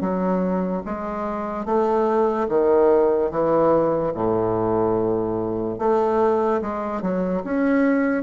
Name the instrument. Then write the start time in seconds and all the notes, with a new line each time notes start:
bassoon
0.00 F#3
0.85 G#3
1.65 A3
2.48 D#3
3.31 E3
4.14 A2
5.78 A3
6.61 G#3
7.01 F#3
7.44 C#4